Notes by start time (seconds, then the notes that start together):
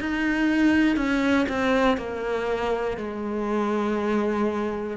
0.00 D#4
0.96 C#4
1.49 C4
1.97 A#3
2.97 G#3